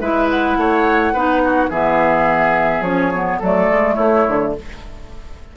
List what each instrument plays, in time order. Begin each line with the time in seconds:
0.00 bassoon G#3, clarinet E4, oboe B4, flute E5
0.29 flute F#5
0.56 bassoon A3, oboe C#5
1.13 bassoon B3, clarinet D#4, oboe B4
1.44 oboe F#4
1.70 bassoon E3, clarinet B3, oboe G#4, flute E5
2.80 bassoon F3, clarinet C#4, flute C#5
3.14 clarinet B3
3.39 bassoon F#3, clarinet A3, oboe A4, flute D5
3.70 bassoon G#3
3.95 bassoon A3, oboe E4, flute C#5
4.28 bassoon D3